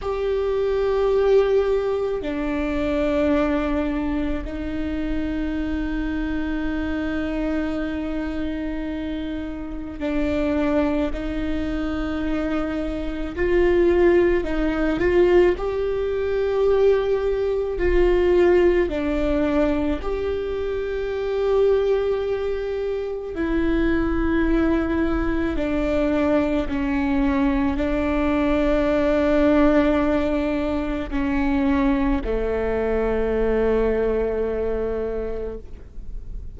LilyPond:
\new Staff \with { instrumentName = "viola" } { \time 4/4 \tempo 4 = 54 g'2 d'2 | dis'1~ | dis'4 d'4 dis'2 | f'4 dis'8 f'8 g'2 |
f'4 d'4 g'2~ | g'4 e'2 d'4 | cis'4 d'2. | cis'4 a2. | }